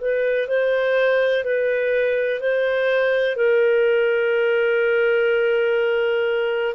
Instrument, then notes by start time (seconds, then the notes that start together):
clarinet
0.00 B4
0.47 C5
1.43 B4
2.40 C5
3.36 A#4